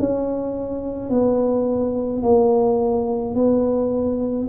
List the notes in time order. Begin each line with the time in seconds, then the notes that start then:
0.00 C#4
1.10 B3
2.23 A#3
3.36 B3